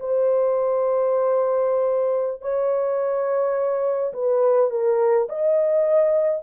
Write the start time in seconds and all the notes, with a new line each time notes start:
0.00 C5
2.42 C#5
4.14 B4
4.71 A#4
5.29 D#5